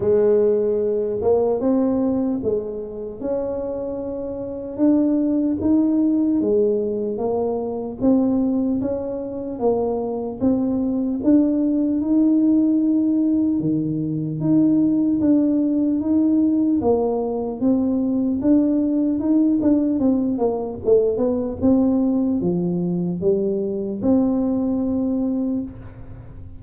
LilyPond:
\new Staff \with { instrumentName = "tuba" } { \time 4/4 \tempo 4 = 75 gis4. ais8 c'4 gis4 | cis'2 d'4 dis'4 | gis4 ais4 c'4 cis'4 | ais4 c'4 d'4 dis'4~ |
dis'4 dis4 dis'4 d'4 | dis'4 ais4 c'4 d'4 | dis'8 d'8 c'8 ais8 a8 b8 c'4 | f4 g4 c'2 | }